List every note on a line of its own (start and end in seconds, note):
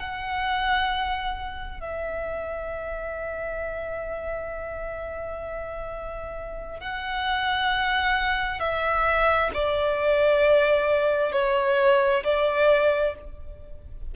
0.00 1.81 F#5
1.81 6.81 E5
6.81 8.60 F#5
8.60 9.51 E5
9.55 11.33 D5
11.33 12.24 C#5
12.24 13.15 D5